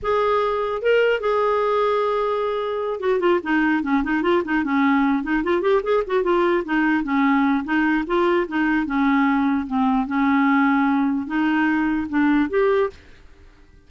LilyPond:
\new Staff \with { instrumentName = "clarinet" } { \time 4/4 \tempo 4 = 149 gis'2 ais'4 gis'4~ | gis'2.~ gis'8 fis'8 | f'8 dis'4 cis'8 dis'8 f'8 dis'8 cis'8~ | cis'4 dis'8 f'8 g'8 gis'8 fis'8 f'8~ |
f'8 dis'4 cis'4. dis'4 | f'4 dis'4 cis'2 | c'4 cis'2. | dis'2 d'4 g'4 | }